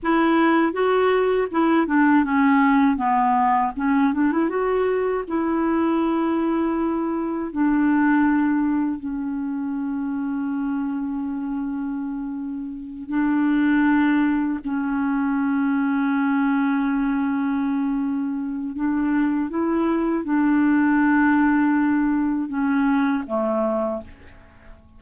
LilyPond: \new Staff \with { instrumentName = "clarinet" } { \time 4/4 \tempo 4 = 80 e'4 fis'4 e'8 d'8 cis'4 | b4 cis'8 d'16 e'16 fis'4 e'4~ | e'2 d'2 | cis'1~ |
cis'4. d'2 cis'8~ | cis'1~ | cis'4 d'4 e'4 d'4~ | d'2 cis'4 a4 | }